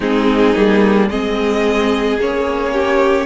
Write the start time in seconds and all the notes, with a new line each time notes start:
0.00 G#3 C4 D#4 G#4
0.55 G3 A#3
1.09 G#3 C4 G#4 D#5
2.17 A#3 C#4 C#5
2.73 G4